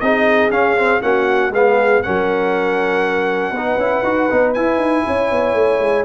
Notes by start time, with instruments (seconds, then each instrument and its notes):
0.00 tuba C4, trombone D#4, horn G#4, trumpet D#5
0.50 tuba C#4, trombone C#4, trumpet F5
0.77 trombone C4
1.01 tuba A#3, trombone C#4, horn F#4, trumpet F#5
1.50 tuba G#3, trombone B3, horn G#4, trumpet F5
2.02 tuba F#3, trombone C#4, horn A#4, trumpet F#5
3.51 tuba B3, trombone D#4, horn B4
3.77 tuba C#4, trombone E4
4.03 tuba D#4, trombone F#4
4.30 tuba B3, trombone D#4
4.54 trombone E4, tuba E4, trumpet G#5
4.77 tuba D#4
5.07 tuba C#4, horn C#5
5.31 tuba B3
5.54 tuba A3
5.80 tuba G#3